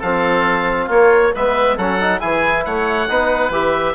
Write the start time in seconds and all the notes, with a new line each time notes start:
0.00 F3 C4 A4 F5
0.86 A#3 F4 C#5
1.35 G#3 B3 B4 E5
1.77 F#3 C#4 A4 F#5
2.01 D#4
2.21 E3 E4 G#4 G#5
2.66 A3 C#5 F#5
3.09 B3 D#4 B4
3.50 E3 G4 E5